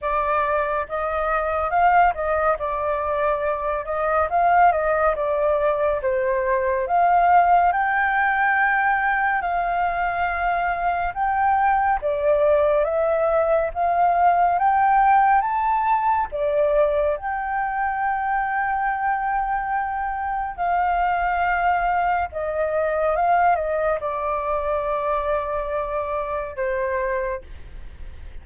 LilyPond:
\new Staff \with { instrumentName = "flute" } { \time 4/4 \tempo 4 = 70 d''4 dis''4 f''8 dis''8 d''4~ | d''8 dis''8 f''8 dis''8 d''4 c''4 | f''4 g''2 f''4~ | f''4 g''4 d''4 e''4 |
f''4 g''4 a''4 d''4 | g''1 | f''2 dis''4 f''8 dis''8 | d''2. c''4 | }